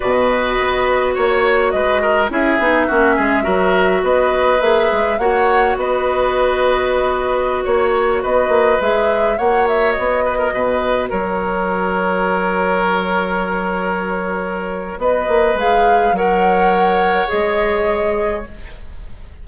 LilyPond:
<<
  \new Staff \with { instrumentName = "flute" } { \time 4/4 \tempo 4 = 104 dis''2 cis''4 dis''4 | e''2. dis''4 | e''4 fis''4 dis''2~ | dis''4~ dis''16 cis''4 dis''4 e''8.~ |
e''16 fis''8 e''8 dis''2 cis''8.~ | cis''1~ | cis''2 dis''4 f''4 | fis''2 dis''2 | }
  \new Staff \with { instrumentName = "oboe" } { \time 4/4 b'2 cis''4 b'8 ais'8 | gis'4 fis'8 gis'8 ais'4 b'4~ | b'4 cis''4 b'2~ | b'4~ b'16 cis''4 b'4.~ b'16~ |
b'16 cis''4. b'16 ais'16 b'4 ais'8.~ | ais'1~ | ais'2 b'2 | cis''1 | }
  \new Staff \with { instrumentName = "clarinet" } { \time 4/4 fis'1 | e'8 dis'8 cis'4 fis'2 | gis'4 fis'2.~ | fis'2.~ fis'16 gis'8.~ |
gis'16 fis'2.~ fis'8.~ | fis'1~ | fis'2. gis'4 | ais'2 gis'2 | }
  \new Staff \with { instrumentName = "bassoon" } { \time 4/4 b,4 b4 ais4 gis4 | cis'8 b8 ais8 gis8 fis4 b4 | ais8 gis8 ais4 b2~ | b4~ b16 ais4 b8 ais8 gis8.~ |
gis16 ais4 b4 b,4 fis8.~ | fis1~ | fis2 b8 ais8 gis4 | fis2 gis2 | }
>>